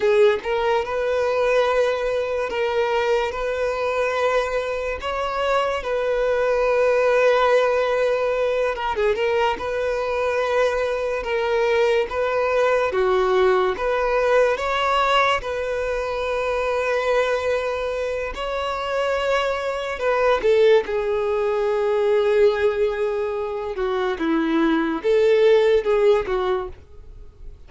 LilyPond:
\new Staff \with { instrumentName = "violin" } { \time 4/4 \tempo 4 = 72 gis'8 ais'8 b'2 ais'4 | b'2 cis''4 b'4~ | b'2~ b'8 ais'16 gis'16 ais'8 b'8~ | b'4. ais'4 b'4 fis'8~ |
fis'8 b'4 cis''4 b'4.~ | b'2 cis''2 | b'8 a'8 gis'2.~ | gis'8 fis'8 e'4 a'4 gis'8 fis'8 | }